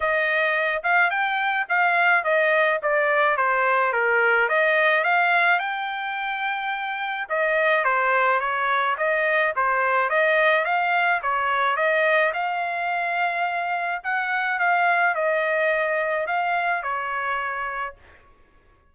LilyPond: \new Staff \with { instrumentName = "trumpet" } { \time 4/4 \tempo 4 = 107 dis''4. f''8 g''4 f''4 | dis''4 d''4 c''4 ais'4 | dis''4 f''4 g''2~ | g''4 dis''4 c''4 cis''4 |
dis''4 c''4 dis''4 f''4 | cis''4 dis''4 f''2~ | f''4 fis''4 f''4 dis''4~ | dis''4 f''4 cis''2 | }